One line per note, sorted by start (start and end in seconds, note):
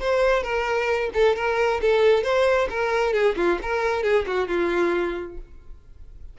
0.00 0.43 C5
0.43 1.10 A#4
1.14 1.36 A4
1.36 1.81 A#4
1.81 2.23 A4
2.23 2.68 C5
2.69 3.13 A#4
3.13 3.35 G#4
3.36 3.58 F4
3.62 4.03 A#4
4.03 4.25 G#4
4.26 4.48 F#4
4.48 5.37 F4